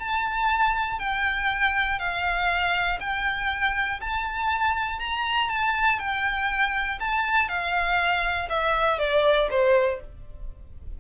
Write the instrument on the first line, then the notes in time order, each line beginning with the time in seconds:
violin
0.00 A5
0.99 G5
1.99 F5
3.00 G5
4.01 A5
5.00 A#5
5.50 A5
5.99 G5
7.00 A5
7.49 F5
8.50 E5
8.99 D5
9.50 C5